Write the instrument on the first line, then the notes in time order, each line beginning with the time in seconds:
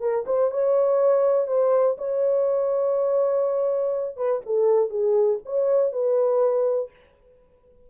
horn
0.00 A#4
0.26 C5
0.51 C#5
1.47 C5
1.98 C#5
4.16 B4
4.46 A4
4.90 G#4
5.45 C#5
5.92 B4